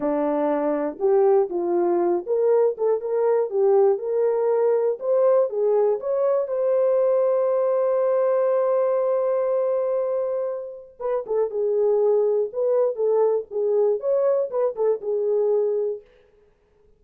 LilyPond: \new Staff \with { instrumentName = "horn" } { \time 4/4 \tempo 4 = 120 d'2 g'4 f'4~ | f'8 ais'4 a'8 ais'4 g'4 | ais'2 c''4 gis'4 | cis''4 c''2.~ |
c''1~ | c''2 b'8 a'8 gis'4~ | gis'4 b'4 a'4 gis'4 | cis''4 b'8 a'8 gis'2 | }